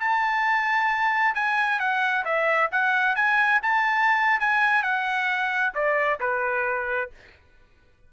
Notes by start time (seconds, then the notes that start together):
0.00 A5
1.35 G#5
1.80 F#5
2.25 E5
2.72 F#5
3.16 G#5
3.63 A5
4.40 G#5
4.83 F#5
5.75 D5
6.21 B4